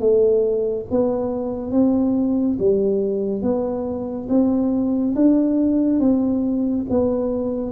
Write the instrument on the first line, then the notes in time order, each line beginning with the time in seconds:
tuba
0.00 A3
0.91 B3
1.72 C4
2.59 G3
3.42 B3
4.29 C4
5.15 D4
6.00 C4
6.90 B3